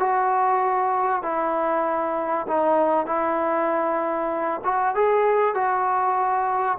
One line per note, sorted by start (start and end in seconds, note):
0.00 1.23 F#4
1.23 2.47 E4
2.48 3.07 D#4
3.07 4.61 E4
4.65 4.96 F#4
4.96 5.55 G#4
5.55 6.79 F#4